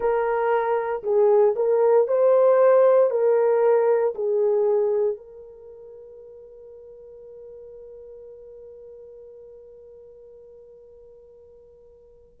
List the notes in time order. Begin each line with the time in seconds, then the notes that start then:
0.00 A#4
1.03 G#4
1.55 A#4
2.07 C5
3.10 A#4
4.14 G#4
5.17 A#4